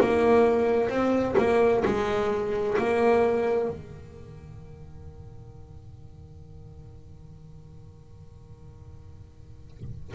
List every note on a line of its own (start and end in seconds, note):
0.00 0.89 A#3
0.89 1.35 C4
1.38 1.84 A#3
1.85 2.77 G#3
2.78 3.68 A#3
3.68 10.14 D#3